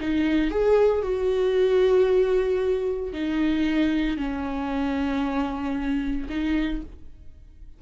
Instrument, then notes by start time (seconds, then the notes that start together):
viola
0.00 D#4
0.51 G#4
1.02 F#4
3.13 D#4
4.17 C#4
6.29 D#4